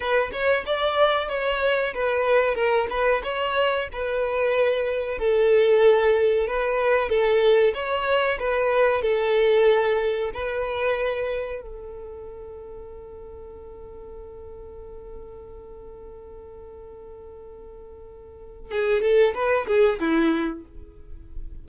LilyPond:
\new Staff \with { instrumentName = "violin" } { \time 4/4 \tempo 4 = 93 b'8 cis''8 d''4 cis''4 b'4 | ais'8 b'8 cis''4 b'2 | a'2 b'4 a'4 | cis''4 b'4 a'2 |
b'2 a'2~ | a'1~ | a'1~ | a'4 gis'8 a'8 b'8 gis'8 e'4 | }